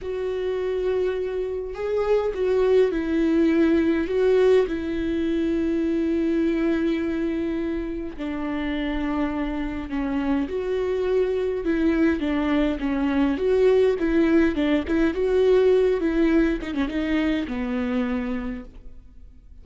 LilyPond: \new Staff \with { instrumentName = "viola" } { \time 4/4 \tempo 4 = 103 fis'2. gis'4 | fis'4 e'2 fis'4 | e'1~ | e'2 d'2~ |
d'4 cis'4 fis'2 | e'4 d'4 cis'4 fis'4 | e'4 d'8 e'8 fis'4. e'8~ | e'8 dis'16 cis'16 dis'4 b2 | }